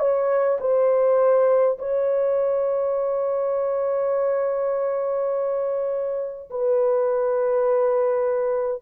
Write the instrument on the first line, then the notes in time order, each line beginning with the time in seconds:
horn
0.00 C#5
0.60 C5
1.79 C#5
6.50 B4